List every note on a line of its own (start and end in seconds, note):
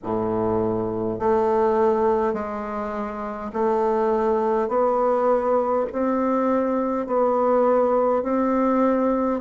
0.03 1.19 A2
1.19 2.33 A3
2.33 3.51 G#3
3.53 4.68 A3
4.68 5.86 B3
5.92 7.06 C4
7.06 8.22 B3
8.22 9.40 C4